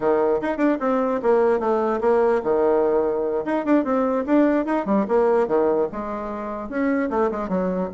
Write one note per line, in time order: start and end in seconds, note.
0.00 0.41 D#3
0.41 0.57 D#4
0.57 0.77 D4
0.80 1.20 C4
1.22 1.59 A#3
1.59 2.00 A3
2.01 2.41 A#3
2.43 3.44 D#3
3.45 3.65 D#4
3.65 3.84 D4
3.84 4.25 C4
4.25 4.65 D4
4.65 4.85 D#4
4.85 5.05 G3
5.07 5.47 A#3
5.47 5.88 D#3
5.92 6.69 G#3
6.69 7.09 C#4
7.10 7.30 A3
7.31 7.48 G#3
7.48 7.89 F#3